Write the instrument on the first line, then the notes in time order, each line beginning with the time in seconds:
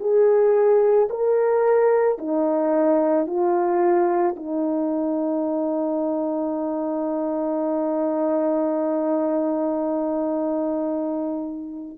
horn
0.00 G#4
1.10 A#4
2.19 D#4
3.27 F4
4.36 D#4